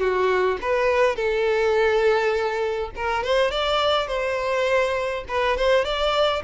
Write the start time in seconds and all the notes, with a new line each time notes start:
0.00 F#4
0.62 B4
1.16 A4
2.96 A#4
3.24 C5
3.51 D5
4.08 C5
5.29 B4
5.58 C5
5.85 D5